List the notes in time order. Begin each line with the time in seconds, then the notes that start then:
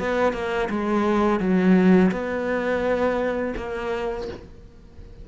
0.00 B3
0.33 A#3
0.70 G#3
1.40 F#3
2.12 B3
3.57 A#3